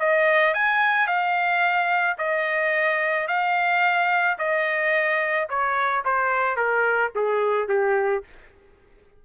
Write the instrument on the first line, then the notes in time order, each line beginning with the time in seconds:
trumpet
0.00 D#5
0.55 G#5
1.07 F5
2.18 D#5
3.28 F5
4.39 D#5
5.49 C#5
6.05 C5
6.57 A#4
7.16 G#4
7.69 G4